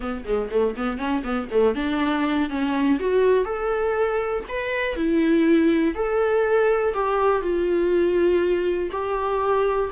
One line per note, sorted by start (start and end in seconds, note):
0.00 0.24 B3
0.24 0.49 G#3
0.50 0.75 A3
0.76 0.98 B3
0.98 1.22 C#4
1.23 1.48 B3
1.51 1.75 A3
1.75 2.49 D4
2.49 2.99 C#4
2.99 3.45 F#4
3.45 4.44 A4
4.48 4.96 B4
4.96 5.94 E4
5.94 6.94 A4
6.94 7.41 G4
7.41 8.90 F4
8.91 9.90 G4